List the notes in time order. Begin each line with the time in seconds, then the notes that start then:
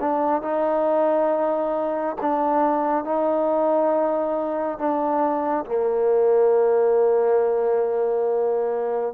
0.00 D4
0.42 D#4
2.21 D4
3.04 D#4
4.78 D4
5.66 A#3